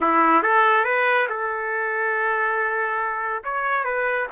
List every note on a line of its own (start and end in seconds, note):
0.01 0.42 E4
0.42 0.84 A4
0.84 1.27 B4
1.29 3.43 A4
3.44 3.84 C#5
3.84 4.27 B4